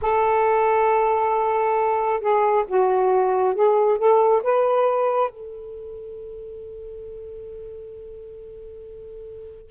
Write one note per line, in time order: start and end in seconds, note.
0.01 2.20 A4
2.20 2.64 G#4
2.67 3.54 F#4
3.54 3.97 G#4
3.97 4.42 A4
4.43 5.30 B4
5.30 9.71 A4